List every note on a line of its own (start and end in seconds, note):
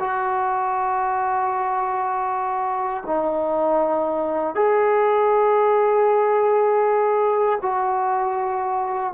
0.00 3.04 F#4
3.06 4.55 D#4
4.55 7.59 G#4
7.62 9.14 F#4